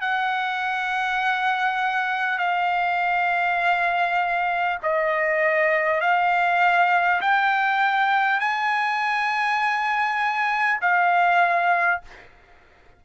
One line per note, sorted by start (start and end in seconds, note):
0.00 2.38 F#5
2.38 4.78 F5
4.82 6.01 D#5
6.01 7.21 F5
7.21 8.39 G5
8.39 10.79 G#5
10.81 12.01 F5